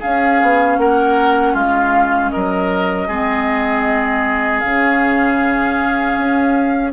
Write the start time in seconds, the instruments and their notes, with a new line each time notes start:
0.00 clarinet C#4, bassoon C#4, oboe G#4, flute F5
0.42 bassoon B3
0.78 bassoon A#3, oboe A#4, flute F#5
1.53 bassoon G#3, oboe F4, flute F5
2.31 bassoon F#3, oboe A#4, flute D#5
3.08 bassoon G#3, clarinet C4, oboe G#4
4.60 bassoon C#3, clarinet C#4, flute F5
6.18 bassoon C#4